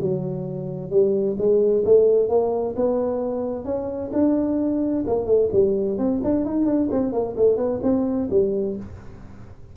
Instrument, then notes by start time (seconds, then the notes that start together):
tuba
0.00 F#3
0.90 G3
1.38 G#3
1.85 A3
2.29 A#3
2.76 B3
3.65 C#4
4.13 D4
5.07 A#3
5.26 A3
5.53 G3
5.98 C4
6.24 D4
6.45 D#4
6.66 D4
6.91 C4
7.12 A#3
7.37 A3
7.57 B3
7.83 C4
8.30 G3